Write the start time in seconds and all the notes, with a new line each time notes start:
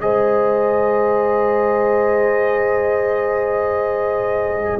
0.00 G#3 G#4 C5 D#5